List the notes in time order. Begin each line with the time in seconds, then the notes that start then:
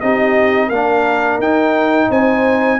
0.00 C4 D#4 G4 D#5
0.67 A#3 D4 A#4 F5
1.38 D#4 G5
2.10 C4 C5 G#5